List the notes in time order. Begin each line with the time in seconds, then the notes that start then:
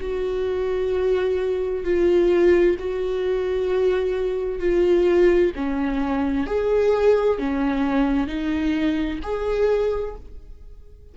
0.00 F#4
1.84 F4
2.79 F#4
4.59 F4
5.56 C#4
6.47 G#4
7.39 C#4
8.27 D#4
9.23 G#4